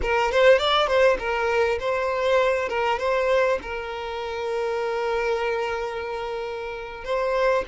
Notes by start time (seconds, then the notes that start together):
0.02 A#4
0.31 C5
0.58 D5
0.87 C5
1.18 A#4
1.79 C5
2.68 A#4
2.98 C5
3.62 A#4
7.04 C5